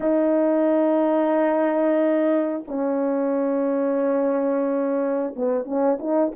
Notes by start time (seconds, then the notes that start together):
0.00 D#4
2.67 C#4
5.35 B3
5.64 C#4
5.99 D#4